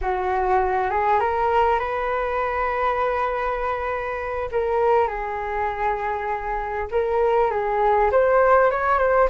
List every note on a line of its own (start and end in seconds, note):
0.01 0.90 F#4
0.90 1.19 G#4
1.19 1.79 A#4
1.79 4.49 B4
4.51 5.07 A#4
5.07 6.87 G#4
6.91 7.50 A#4
7.50 8.10 G#4
8.11 8.70 C5
8.70 8.98 C#5
8.98 9.28 C5